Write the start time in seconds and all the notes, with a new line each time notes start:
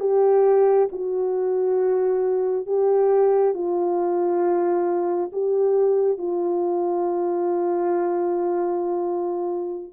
0.00 G4
0.92 F#4
2.66 G4
3.54 F4
5.32 G4
6.18 F4